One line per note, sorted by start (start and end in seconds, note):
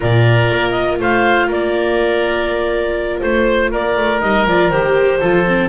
0.00 0.50 A#2
0.00 4.19 F4
0.00 0.98 A#4
0.00 0.71 D5
0.50 0.99 A#3
0.71 0.96 D#5
0.99 1.47 A3
0.99 1.47 C5
0.99 1.51 F5
1.47 3.21 A#3
1.47 3.20 A#4
1.47 3.20 D5
3.20 3.72 A3
3.20 3.69 C5
3.20 3.71 C5
3.71 3.96 A#3
3.71 5.19 A#4
3.71 4.20 D5
3.96 4.21 A3
4.19 4.45 G3
4.19 4.44 D#4
4.19 4.45 D#5
4.45 4.70 F3
4.45 4.72 F4
4.45 4.70 D5
4.70 5.19 D#3
4.70 5.21 G4
4.70 5.69 C5
5.19 5.69 F3
5.19 5.46 F4
5.19 5.69 A4
5.47 5.69 C4